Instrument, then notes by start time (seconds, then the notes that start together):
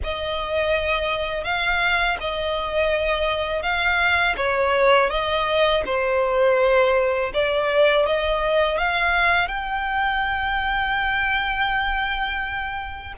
violin
0.03 D#5
1.43 F5
2.20 D#5
3.62 F5
4.37 C#5
5.10 D#5
5.85 C5
7.33 D5
8.06 D#5
8.78 F5
9.48 G5